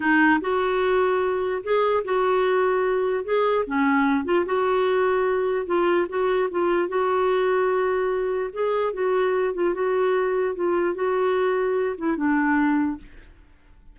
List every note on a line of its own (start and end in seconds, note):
0.00 0.39 D#4
0.41 1.62 F#4
1.63 2.03 G#4
2.04 3.24 F#4
3.24 3.64 G#4
3.66 4.24 C#4
4.24 4.45 F4
4.45 5.66 F#4
5.66 6.06 F4
6.08 6.49 F#4
6.50 6.88 F4
6.88 8.50 F#4
8.52 8.93 G#4
8.93 9.54 F#4
9.54 9.74 F4
9.74 10.55 F#4
10.55 10.94 F4
10.94 11.96 F#4
11.97 12.16 E4
12.16 12.97 D4